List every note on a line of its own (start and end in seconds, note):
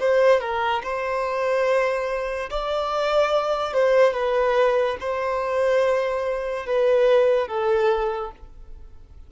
0.00 0.41 C5
0.41 0.82 A#4
0.83 2.50 C5
2.50 3.73 D5
3.73 4.14 C5
4.14 4.97 B4
5.00 6.66 C5
6.66 7.48 B4
7.48 8.31 A4